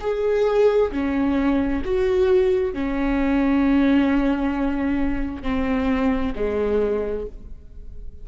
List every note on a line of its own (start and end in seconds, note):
0.00 0.91 G#4
0.91 1.82 C#4
1.84 2.73 F#4
2.73 5.43 C#4
5.43 6.33 C4
6.36 7.26 G#3